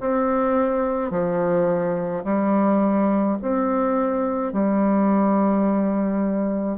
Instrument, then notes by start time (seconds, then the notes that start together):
bassoon
0.00 C4
1.11 F3
2.24 G3
3.41 C4
4.52 G3